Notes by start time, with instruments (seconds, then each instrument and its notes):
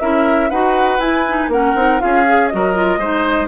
0.00 bassoon C#4, clarinet E4, oboe A#4, flute E5
0.50 bassoon D#4, clarinet F#4, oboe B4, flute F#5
0.99 bassoon E4, clarinet E4, flute G#5
1.28 clarinet D#4
1.48 bassoon A#3, clarinet C#4, oboe A#4, flute F#5
1.75 bassoon C4, clarinet D#4
1.99 bassoon C#4, clarinet F4, oboe G#4, flute F5
2.26 clarinet G#4
2.48 bassoon F#3, clarinet F#4, flute D#5
2.55 oboe A#4
2.74 clarinet F4
2.97 bassoon G#3, clarinet D#4, oboe C5